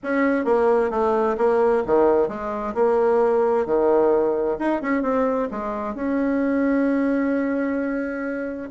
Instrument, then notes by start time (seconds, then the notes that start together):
bassoon
0.03 C#4
0.45 A#3
0.90 A3
1.37 A#3
1.86 D#3
2.28 G#3
2.74 A#3
3.65 D#3
4.59 D#4
4.81 C#4
5.02 C4
5.51 G#3
5.95 C#4